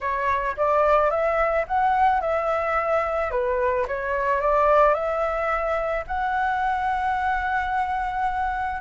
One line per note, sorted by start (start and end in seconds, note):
0.01 0.56 C#5
0.56 1.10 D5
1.10 1.65 E5
1.67 2.20 F#5
2.20 3.30 E5
3.30 3.85 B4
3.87 4.40 C#5
4.40 4.94 D5
4.94 6.04 E5
6.07 8.81 F#5